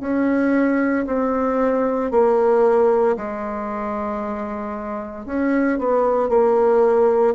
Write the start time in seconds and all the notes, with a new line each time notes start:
0.00 C#4
1.06 C4
2.11 A#3
3.16 G#3
5.25 C#4
5.78 B3
6.28 A#3